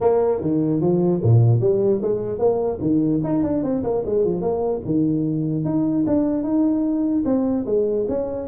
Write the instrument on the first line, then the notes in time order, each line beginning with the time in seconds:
tuba
0.01 A#3
0.41 D#3
0.81 F3
1.23 A#2
1.60 G3
2.02 G#3
2.38 A#3
2.80 D#3
3.23 D#4
3.43 D4
3.63 C4
3.83 A#3
4.05 G#3
4.24 F3
4.41 A#3
4.85 D#3
5.64 D#4
6.06 D4
6.43 D#4
7.25 C4
7.66 G#3
8.08 C#4